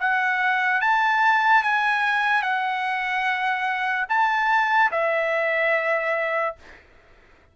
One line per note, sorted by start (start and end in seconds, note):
0.00 0.81 F#5
0.81 1.63 A5
1.63 2.42 G#5
2.42 4.06 F#5
4.09 4.91 A5
4.92 6.56 E5